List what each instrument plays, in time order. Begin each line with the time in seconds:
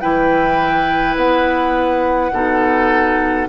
0.00 bassoon E3, clarinet E4, oboe B4, flute G5
1.16 bassoon B3, flute F#5
2.31 bassoon B2, clarinet D#4, oboe A4